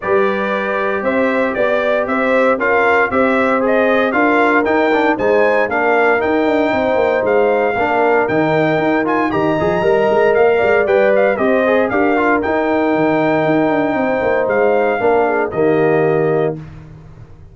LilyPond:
<<
  \new Staff \with { instrumentName = "trumpet" } { \time 4/4 \tempo 4 = 116 d''2 e''4 d''4 | e''4 f''4 e''4 dis''4 | f''4 g''4 gis''4 f''4 | g''2 f''2 |
g''4. gis''8 ais''2 | f''4 g''8 f''8 dis''4 f''4 | g''1 | f''2 dis''2 | }
  \new Staff \with { instrumentName = "horn" } { \time 4/4 b'2 c''4 d''4 | c''4 ais'4 c''2 | ais'2 c''4 ais'4~ | ais'4 c''2 ais'4~ |
ais'2 dis''2~ | dis''8 d''4. c''4 ais'4~ | ais'2. c''4~ | c''4 ais'8 gis'8 g'2 | }
  \new Staff \with { instrumentName = "trombone" } { \time 4/4 g'1~ | g'4 f'4 g'4 gis'4 | f'4 dis'8 d'8 dis'4 d'4 | dis'2. d'4 |
dis'4. f'8 g'8 gis'8 ais'4~ | ais'4 b'4 g'8 gis'8 g'8 f'8 | dis'1~ | dis'4 d'4 ais2 | }
  \new Staff \with { instrumentName = "tuba" } { \time 4/4 g2 c'4 b4 | c'4 cis'4 c'2 | d'4 dis'4 gis4 ais4 | dis'8 d'8 c'8 ais8 gis4 ais4 |
dis4 dis'4 dis8 f8 g8 gis8 | ais8 gis8 g4 c'4 d'4 | dis'4 dis4 dis'8 d'8 c'8 ais8 | gis4 ais4 dis2 | }
>>